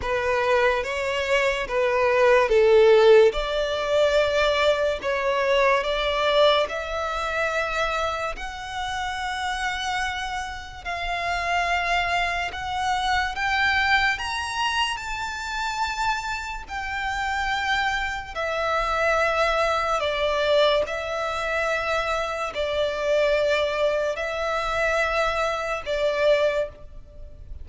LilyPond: \new Staff \with { instrumentName = "violin" } { \time 4/4 \tempo 4 = 72 b'4 cis''4 b'4 a'4 | d''2 cis''4 d''4 | e''2 fis''2~ | fis''4 f''2 fis''4 |
g''4 ais''4 a''2 | g''2 e''2 | d''4 e''2 d''4~ | d''4 e''2 d''4 | }